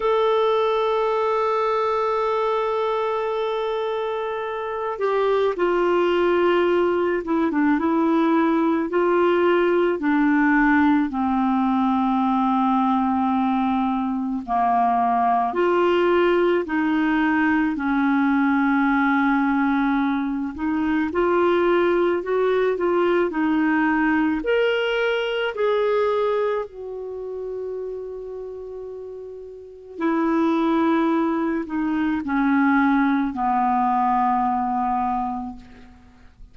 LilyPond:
\new Staff \with { instrumentName = "clarinet" } { \time 4/4 \tempo 4 = 54 a'1~ | a'8 g'8 f'4. e'16 d'16 e'4 | f'4 d'4 c'2~ | c'4 ais4 f'4 dis'4 |
cis'2~ cis'8 dis'8 f'4 | fis'8 f'8 dis'4 ais'4 gis'4 | fis'2. e'4~ | e'8 dis'8 cis'4 b2 | }